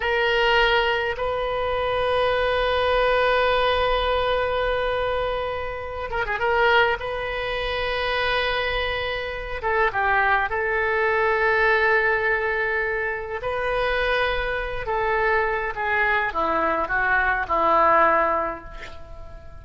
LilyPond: \new Staff \with { instrumentName = "oboe" } { \time 4/4 \tempo 4 = 103 ais'2 b'2~ | b'1~ | b'2~ b'8 ais'16 gis'16 ais'4 | b'1~ |
b'8 a'8 g'4 a'2~ | a'2. b'4~ | b'4. a'4. gis'4 | e'4 fis'4 e'2 | }